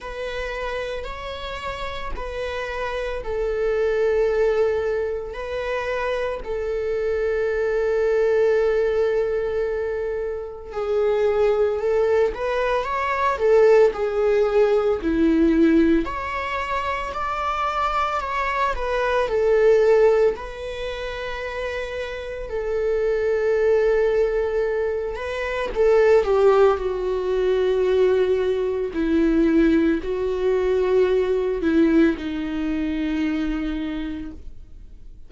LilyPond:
\new Staff \with { instrumentName = "viola" } { \time 4/4 \tempo 4 = 56 b'4 cis''4 b'4 a'4~ | a'4 b'4 a'2~ | a'2 gis'4 a'8 b'8 | cis''8 a'8 gis'4 e'4 cis''4 |
d''4 cis''8 b'8 a'4 b'4~ | b'4 a'2~ a'8 b'8 | a'8 g'8 fis'2 e'4 | fis'4. e'8 dis'2 | }